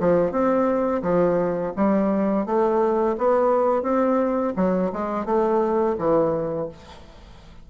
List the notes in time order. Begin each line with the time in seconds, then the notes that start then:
0.00 F3
0.32 C4
1.03 F3
1.76 G3
2.46 A3
3.18 B3
3.83 C4
4.57 F#3
4.93 G#3
5.26 A3
5.98 E3